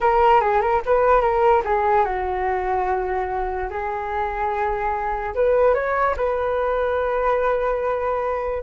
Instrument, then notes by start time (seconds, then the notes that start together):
flute
0.01 A#4
0.41 G#4
0.61 A#4
0.85 B4
1.21 A#4
1.65 G#4
2.05 F#4
3.70 G#4
5.34 B4
5.74 C#5
6.16 B4